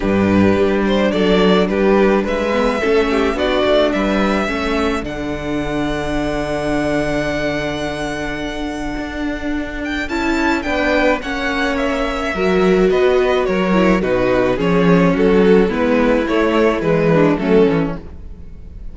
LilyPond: <<
  \new Staff \with { instrumentName = "violin" } { \time 4/4 \tempo 4 = 107 b'4. c''8 d''4 b'4 | e''2 d''4 e''4~ | e''4 fis''2.~ | fis''1~ |
fis''4. g''8 a''4 g''4 | fis''4 e''2 dis''4 | cis''4 b'4 cis''4 a'4 | b'4 cis''4 b'4 a'4 | }
  \new Staff \with { instrumentName = "violin" } { \time 4/4 g'2 a'4 g'4 | b'4 a'8 g'8 fis'4 b'4 | a'1~ | a'1~ |
a'2. b'4 | cis''2 ais'4 b'4 | ais'4 fis'4 gis'4 fis'4 | e'2~ e'8 d'8 cis'4 | }
  \new Staff \with { instrumentName = "viola" } { \time 4/4 d'1~ | d'8 b8 cis'4 d'2 | cis'4 d'2.~ | d'1~ |
d'2 e'4 d'4 | cis'2 fis'2~ | fis'8 e'8 dis'4 cis'2 | b4 a4 gis4 a8 cis'8 | }
  \new Staff \with { instrumentName = "cello" } { \time 4/4 g,4 g4 fis4 g4 | gis4 a4 b8 a8 g4 | a4 d2.~ | d1 |
d'2 cis'4 b4 | ais2 fis4 b4 | fis4 b,4 f4 fis4 | gis4 a4 e4 fis8 e8 | }
>>